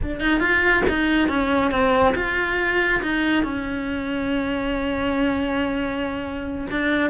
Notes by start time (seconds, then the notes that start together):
0.02 D4
0.20 D#4
0.40 F4
0.88 D#4
1.28 C#4
1.71 C4
2.15 F4
3.02 D#4
3.43 C#4
6.70 D4